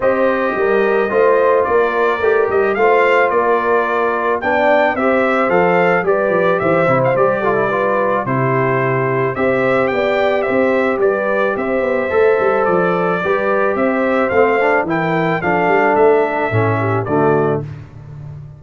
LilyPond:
<<
  \new Staff \with { instrumentName = "trumpet" } { \time 4/4 \tempo 4 = 109 dis''2. d''4~ | d''8 dis''8 f''4 d''2 | g''4 e''4 f''4 d''4 | e''8. f''16 d''2 c''4~ |
c''4 e''4 g''4 e''4 | d''4 e''2 d''4~ | d''4 e''4 f''4 g''4 | f''4 e''2 d''4 | }
  \new Staff \with { instrumentName = "horn" } { \time 4/4 c''4 ais'4 c''4 ais'4~ | ais'4 c''4 ais'2 | d''4 c''2 b'4 | c''4. a'8 b'4 g'4~ |
g'4 c''4 d''4 c''4 | b'4 c''2. | b'4 c''2 ais'4 | a'2~ a'8 g'8 fis'4 | }
  \new Staff \with { instrumentName = "trombone" } { \time 4/4 g'2 f'2 | g'4 f'2. | d'4 g'4 a'4 g'4~ | g'8 e'8 g'8 f'16 e'16 f'4 e'4~ |
e'4 g'2.~ | g'2 a'2 | g'2 c'8 d'8 e'4 | d'2 cis'4 a4 | }
  \new Staff \with { instrumentName = "tuba" } { \time 4/4 c'4 g4 a4 ais4 | a8 g8 a4 ais2 | b4 c'4 f4 g8 f8 | e8 c8 g2 c4~ |
c4 c'4 b4 c'4 | g4 c'8 b8 a8 g8 f4 | g4 c'4 a4 e4 | f8 g8 a4 a,4 d4 | }
>>